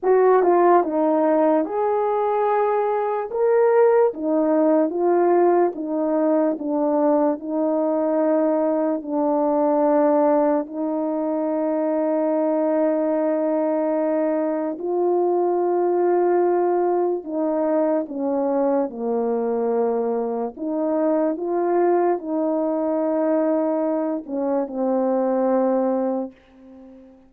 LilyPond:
\new Staff \with { instrumentName = "horn" } { \time 4/4 \tempo 4 = 73 fis'8 f'8 dis'4 gis'2 | ais'4 dis'4 f'4 dis'4 | d'4 dis'2 d'4~ | d'4 dis'2.~ |
dis'2 f'2~ | f'4 dis'4 cis'4 ais4~ | ais4 dis'4 f'4 dis'4~ | dis'4. cis'8 c'2 | }